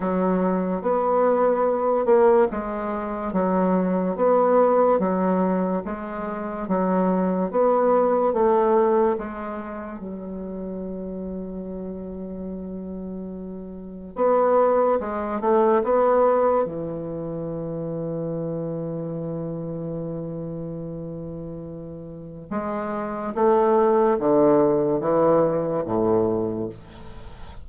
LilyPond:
\new Staff \with { instrumentName = "bassoon" } { \time 4/4 \tempo 4 = 72 fis4 b4. ais8 gis4 | fis4 b4 fis4 gis4 | fis4 b4 a4 gis4 | fis1~ |
fis4 b4 gis8 a8 b4 | e1~ | e2. gis4 | a4 d4 e4 a,4 | }